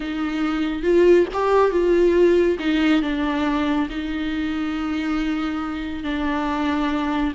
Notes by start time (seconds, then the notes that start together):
0.00 D#4
0.82 F4
1.33 G4
1.71 F4
2.59 D#4
3.02 D4
3.89 D#4
6.03 D4